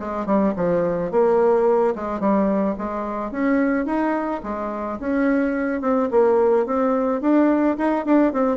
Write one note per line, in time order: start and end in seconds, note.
0.00 0.26 G#3
0.26 0.54 G3
0.56 1.11 F3
1.11 1.95 A#3
1.96 2.20 G#3
2.20 2.76 G3
2.78 3.31 G#3
3.31 3.86 C#4
3.86 4.41 D#4
4.43 4.99 G#3
5.00 5.82 C#4
5.82 6.09 C4
6.11 6.66 A#3
6.66 7.21 C4
7.21 7.77 D4
7.78 8.06 D#4
8.06 8.33 D4
8.33 8.58 C4